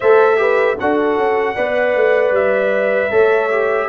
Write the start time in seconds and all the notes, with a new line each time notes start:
0.00 A3 A4 C5 E5
0.37 G4 B4
0.79 D4 F#4 A4 F#5
1.17 C#4
1.55 B3 B4 D5
1.95 A3
2.31 G3 E5
3.10 A3 A4 C#5
3.50 G4